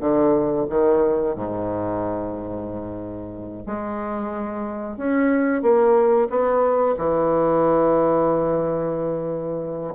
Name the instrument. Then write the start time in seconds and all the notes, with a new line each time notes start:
bassoon
0.00 D3
0.69 D#3
1.35 G#2
3.66 G#3
4.97 C#4
5.62 A#3
6.29 B3
6.97 E3